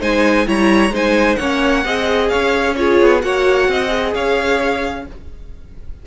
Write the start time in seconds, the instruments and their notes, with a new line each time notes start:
0.00 cello G#3, viola D#4, violin C5 G#5
0.45 cello G3, viola E4, violin C#5 A#5
0.89 cello G#3, viola D#4, violin C5
0.96 violin G#5
1.35 cello A#3, viola C#4, violin C#5 F#5
1.84 cello C4, viola G#4, violin D#5
2.28 cello C#4, violin C#5 F5
2.75 viola F4, violin G#4 C#5
3.01 cello B3
3.20 cello A#3, viola F#4, violin C#5 F#5
3.68 cello C4, violin D#5
3.88 viola G#4
4.14 cello C#4, violin C#5 F5